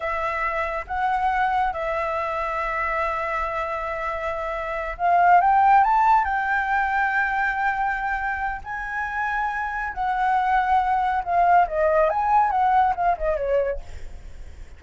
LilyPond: \new Staff \with { instrumentName = "flute" } { \time 4/4 \tempo 4 = 139 e''2 fis''2 | e''1~ | e''2.~ e''8 f''8~ | f''8 g''4 a''4 g''4.~ |
g''1 | gis''2. fis''4~ | fis''2 f''4 dis''4 | gis''4 fis''4 f''8 dis''8 cis''4 | }